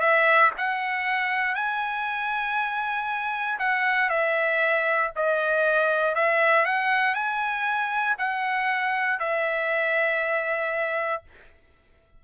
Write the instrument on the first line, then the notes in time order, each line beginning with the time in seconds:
trumpet
0.00 E5
0.58 F#5
1.55 G#5
3.59 F#5
4.10 E5
5.16 D#5
6.15 E5
6.65 F#5
7.15 G#5
8.18 F#5
9.20 E5